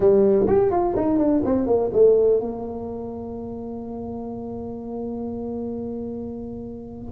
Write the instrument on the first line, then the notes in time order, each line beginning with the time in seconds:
tuba
0.00 G3
0.47 G4
0.71 F4
0.95 D#4
1.18 D4
1.45 C4
1.66 A#3
1.92 A3
2.40 A#3